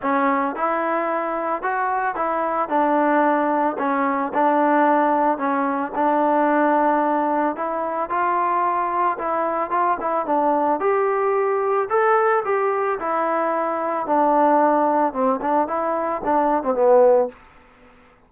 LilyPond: \new Staff \with { instrumentName = "trombone" } { \time 4/4 \tempo 4 = 111 cis'4 e'2 fis'4 | e'4 d'2 cis'4 | d'2 cis'4 d'4~ | d'2 e'4 f'4~ |
f'4 e'4 f'8 e'8 d'4 | g'2 a'4 g'4 | e'2 d'2 | c'8 d'8 e'4 d'8. c'16 b4 | }